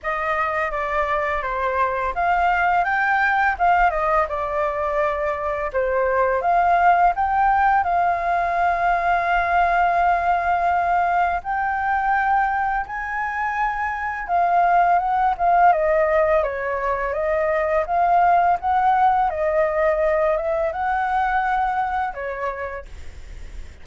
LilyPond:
\new Staff \with { instrumentName = "flute" } { \time 4/4 \tempo 4 = 84 dis''4 d''4 c''4 f''4 | g''4 f''8 dis''8 d''2 | c''4 f''4 g''4 f''4~ | f''1 |
g''2 gis''2 | f''4 fis''8 f''8 dis''4 cis''4 | dis''4 f''4 fis''4 dis''4~ | dis''8 e''8 fis''2 cis''4 | }